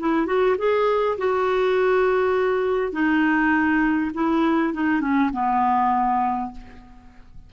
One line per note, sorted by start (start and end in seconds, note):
0.00 0.27 E4
0.27 0.56 F#4
0.59 1.18 G#4
1.19 2.93 F#4
2.93 4.12 D#4
4.14 4.74 E4
4.74 5.01 D#4
5.01 5.31 C#4
5.33 6.52 B3